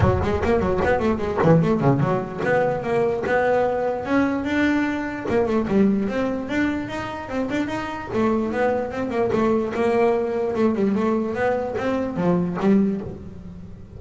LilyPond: \new Staff \with { instrumentName = "double bass" } { \time 4/4 \tempo 4 = 148 fis8 gis8 ais8 fis8 b8 a8 gis8 e8 | a8 cis8 fis4 b4 ais4 | b2 cis'4 d'4~ | d'4 ais8 a8 g4 c'4 |
d'4 dis'4 c'8 d'8 dis'4 | a4 b4 c'8 ais8 a4 | ais2 a8 g8 a4 | b4 c'4 f4 g4 | }